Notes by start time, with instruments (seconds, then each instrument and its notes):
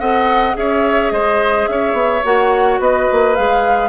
0.00 bassoon C4, clarinet A4, oboe D#5, flute F#5
0.54 bassoon C#4, clarinet G#4, oboe C#5, flute E5
1.12 bassoon G#3, oboe C5, flute D#5
1.68 bassoon C#4, oboe C#5, flute E5
1.93 bassoon B3
2.25 bassoon A#3, clarinet F#4, flute F#5
2.79 bassoon B3, oboe B4, flute D#5
3.12 bassoon A#3
3.36 bassoon G#3, clarinet G#4, flute F5